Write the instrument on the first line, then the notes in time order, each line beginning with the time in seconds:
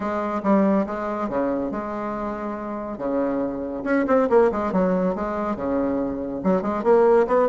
bassoon
0.00 G#3
0.43 G3
0.86 G#3
1.29 C#3
1.71 G#3
2.98 C#3
3.84 C#4
4.07 C4
4.29 A#3
4.51 G#3
4.72 F#3
5.15 G#3
5.56 C#3
6.43 F#3
6.62 G#3
6.83 A#3
7.27 B3